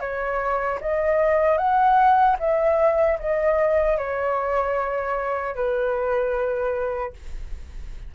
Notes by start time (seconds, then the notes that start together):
0.00 C#5
0.81 D#5
1.58 F#5
2.39 E5
3.19 D#5
3.98 C#5
5.55 B4